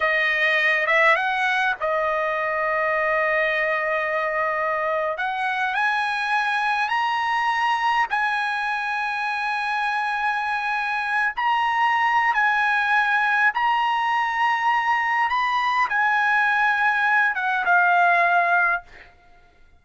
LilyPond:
\new Staff \with { instrumentName = "trumpet" } { \time 4/4 \tempo 4 = 102 dis''4. e''8 fis''4 dis''4~ | dis''1~ | dis''8. fis''4 gis''2 ais''16~ | ais''4.~ ais''16 gis''2~ gis''16~ |
gis''2.~ gis''16 ais''8.~ | ais''4 gis''2 ais''4~ | ais''2 b''4 gis''4~ | gis''4. fis''8 f''2 | }